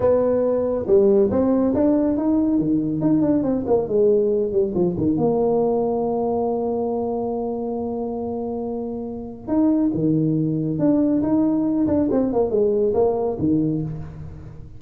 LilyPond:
\new Staff \with { instrumentName = "tuba" } { \time 4/4 \tempo 4 = 139 b2 g4 c'4 | d'4 dis'4 dis4 dis'8 d'8 | c'8 ais8 gis4. g8 f8 dis8 | ais1~ |
ais1~ | ais2 dis'4 dis4~ | dis4 d'4 dis'4. d'8 | c'8 ais8 gis4 ais4 dis4 | }